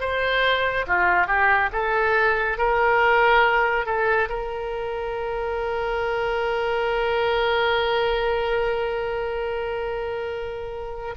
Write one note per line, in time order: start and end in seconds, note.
0.00 0.86 C5
0.87 1.27 F4
1.27 1.69 G4
1.72 2.58 A4
2.58 3.86 A#4
3.86 4.29 A4
4.29 11.14 A#4